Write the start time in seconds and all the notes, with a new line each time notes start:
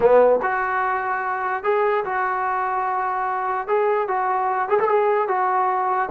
0.00 B3
0.42 F#4
1.63 G#4
2.04 F#4
3.67 G#4
4.08 F#4
4.68 G#4
4.79 A4
4.88 G#4
5.28 F#4